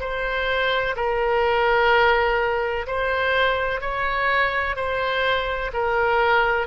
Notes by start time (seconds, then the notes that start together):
0.00 C5
0.96 A#4
2.87 C5
3.81 C#5
4.76 C5
5.73 A#4